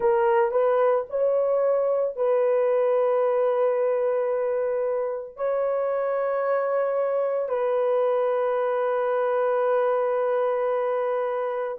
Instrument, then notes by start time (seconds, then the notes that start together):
horn
0.00 A#4
0.51 B4
1.09 C#5
2.15 B4
5.36 C#5
7.49 B4